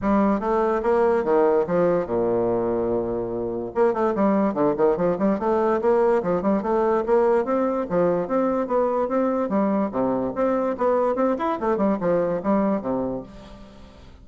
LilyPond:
\new Staff \with { instrumentName = "bassoon" } { \time 4/4 \tempo 4 = 145 g4 a4 ais4 dis4 | f4 ais,2.~ | ais,4 ais8 a8 g4 d8 dis8 | f8 g8 a4 ais4 f8 g8 |
a4 ais4 c'4 f4 | c'4 b4 c'4 g4 | c4 c'4 b4 c'8 e'8 | a8 g8 f4 g4 c4 | }